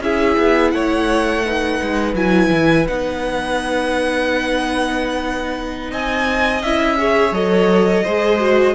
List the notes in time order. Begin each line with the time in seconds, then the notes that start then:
0.00 C#4 E4 G#4 E5
0.38 B3
0.71 A3 C#5 F#5
1.44 D#4 B4
1.81 G#3
2.13 F#3 E4 G#5
2.51 E3
2.87 B3 D#4 F#5
5.91 C4 D#5 G#5
6.62 C#4 E4 E5
6.98 G#4 C#5
7.31 F#3 A4 D#5
8.03 G#3 G#4 C5
8.39 F#4